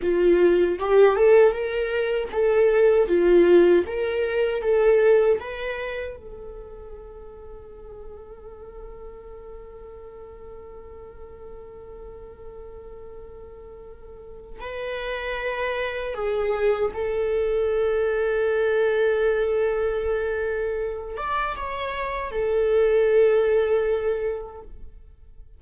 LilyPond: \new Staff \with { instrumentName = "viola" } { \time 4/4 \tempo 4 = 78 f'4 g'8 a'8 ais'4 a'4 | f'4 ais'4 a'4 b'4 | a'1~ | a'1~ |
a'2. b'4~ | b'4 gis'4 a'2~ | a'2.~ a'8 d''8 | cis''4 a'2. | }